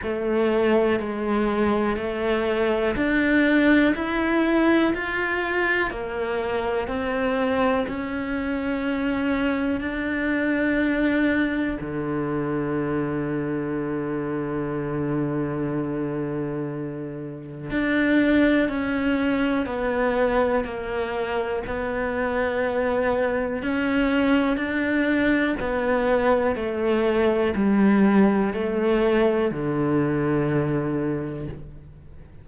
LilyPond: \new Staff \with { instrumentName = "cello" } { \time 4/4 \tempo 4 = 61 a4 gis4 a4 d'4 | e'4 f'4 ais4 c'4 | cis'2 d'2 | d1~ |
d2 d'4 cis'4 | b4 ais4 b2 | cis'4 d'4 b4 a4 | g4 a4 d2 | }